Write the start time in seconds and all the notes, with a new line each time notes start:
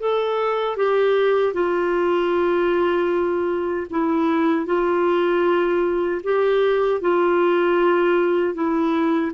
0.00 A4
0.77 G4
1.53 F4
3.90 E4
4.66 F4
6.23 G4
7.01 F4
8.54 E4